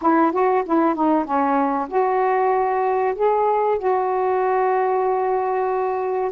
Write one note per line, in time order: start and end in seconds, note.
0.01 0.32 E4
0.32 0.63 F#4
0.65 0.94 E4
0.94 1.25 D#4
1.25 1.88 C#4
1.88 3.14 F#4
3.15 3.78 G#4
3.78 6.31 F#4